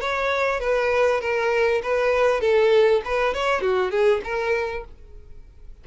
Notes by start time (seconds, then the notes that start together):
0.00 C#5
0.60 B4
1.21 A#4
1.82 B4
2.40 A4
3.05 B4
3.34 C#5
3.61 F#4
3.91 G#4
4.23 A#4